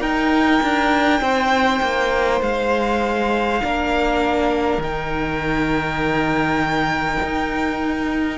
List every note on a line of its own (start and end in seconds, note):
0.00 0.60 D#4
0.00 3.61 D#4
0.00 1.20 A#4
0.00 2.41 G5
0.62 1.20 D4
1.20 1.80 C4
1.20 3.62 C5
1.81 2.41 A#3
2.41 3.61 G#3
2.41 4.82 F5
3.61 4.78 A#3
3.61 4.81 D4
3.61 8.38 A#4
4.78 7.17 D#3
4.78 8.38 D#4
4.78 8.38 G5
7.23 8.38 D#4